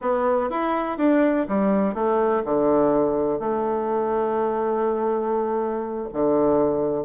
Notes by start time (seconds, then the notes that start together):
0.01 B3
0.50 E4
0.97 D4
1.48 G3
1.94 A3
2.44 D3
3.39 A3
6.13 D3